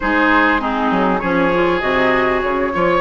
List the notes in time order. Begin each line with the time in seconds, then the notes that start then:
0.00 G#3 D#4 G#4 C5
0.59 C4 D#4 G#4
0.91 F#3
1.19 F3 C#4 G#4 C#5
1.54 F4
1.80 C3 F#4 D#5
2.41 C#3 C#5
2.72 F3 F4 C#5